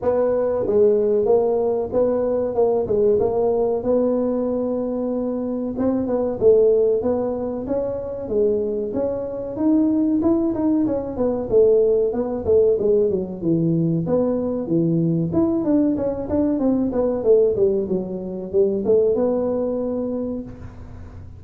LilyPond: \new Staff \with { instrumentName = "tuba" } { \time 4/4 \tempo 4 = 94 b4 gis4 ais4 b4 | ais8 gis8 ais4 b2~ | b4 c'8 b8 a4 b4 | cis'4 gis4 cis'4 dis'4 |
e'8 dis'8 cis'8 b8 a4 b8 a8 | gis8 fis8 e4 b4 e4 | e'8 d'8 cis'8 d'8 c'8 b8 a8 g8 | fis4 g8 a8 b2 | }